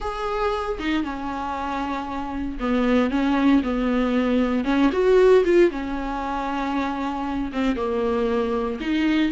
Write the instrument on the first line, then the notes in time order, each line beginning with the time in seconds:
viola
0.00 G#4
0.79 D#4
1.03 C#4
2.59 B3
3.10 C#4
3.63 B3
4.64 C#4
4.92 F#4
5.45 F4
5.70 C#4
7.52 C4
7.75 A#3
8.80 D#4